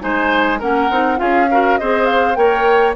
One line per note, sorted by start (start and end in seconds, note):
0.00 0.61 G#3
0.00 0.59 D#4
0.00 0.59 C5
0.00 0.61 G#5
0.59 0.90 A#3
0.59 0.91 C#4
0.59 1.18 A#4
0.59 1.19 F#5
0.90 1.20 C4
0.90 1.17 D#4
1.17 1.79 C#4
1.17 1.46 F4
1.17 1.50 G#4
1.17 1.78 F5
1.51 1.80 F#4
1.51 1.80 A#4
1.78 2.37 C4
1.78 2.35 G#4
1.78 2.38 C5
1.78 2.06 D#5
2.06 2.35 F5
2.35 2.95 A#3
2.35 2.94 A#4
2.35 2.96 C#5
2.35 2.94 G5